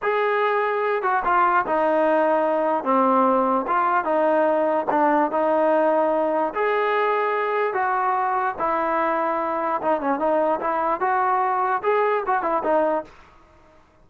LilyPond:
\new Staff \with { instrumentName = "trombone" } { \time 4/4 \tempo 4 = 147 gis'2~ gis'8 fis'8 f'4 | dis'2. c'4~ | c'4 f'4 dis'2 | d'4 dis'2. |
gis'2. fis'4~ | fis'4 e'2. | dis'8 cis'8 dis'4 e'4 fis'4~ | fis'4 gis'4 fis'8 e'8 dis'4 | }